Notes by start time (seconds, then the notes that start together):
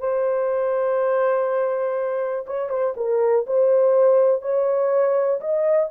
0.00 C5
2.47 C#5
2.70 C5
2.97 A#4
3.47 C5
4.42 C#5
5.41 D#5